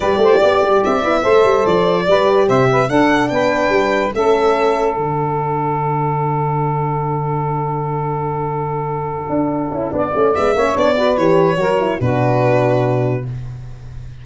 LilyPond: <<
  \new Staff \with { instrumentName = "violin" } { \time 4/4 \tempo 4 = 145 d''2 e''2 | d''2 e''4 fis''4 | g''2 e''2 | fis''1~ |
fis''1~ | fis''1~ | fis''4 e''4 d''4 cis''4~ | cis''4 b'2. | }
  \new Staff \with { instrumentName = "saxophone" } { \time 4/4 b'8 c''8 d''2 c''4~ | c''4 b'4 c''8 b'8 a'4 | b'2 a'2~ | a'1~ |
a'1~ | a'1 | d''4. cis''4 b'4. | ais'4 fis'2. | }
  \new Staff \with { instrumentName = "horn" } { \time 4/4 g'2~ g'8 e'8 a'4~ | a'4 g'2 d'4~ | d'2 cis'2 | d'1~ |
d'1~ | d'2.~ d'8 e'8 | d'8 cis'8 b8 cis'8 d'8 fis'8 g'4 | fis'8 e'8 d'2. | }
  \new Staff \with { instrumentName = "tuba" } { \time 4/4 g8 a8 b8 g8 c'8 b8 a8 g8 | f4 g4 c4 d'4 | b4 g4 a2 | d1~ |
d1~ | d2~ d8 d'4 cis'8 | b8 a8 gis8 ais8 b4 e4 | fis4 b,2. | }
>>